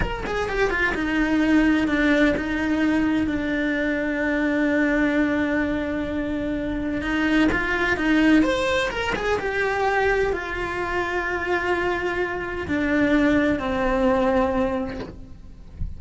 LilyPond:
\new Staff \with { instrumentName = "cello" } { \time 4/4 \tempo 4 = 128 ais'8 gis'8 g'8 f'8 dis'2 | d'4 dis'2 d'4~ | d'1~ | d'2. dis'4 |
f'4 dis'4 c''4 ais'8 gis'8 | g'2 f'2~ | f'2. d'4~ | d'4 c'2. | }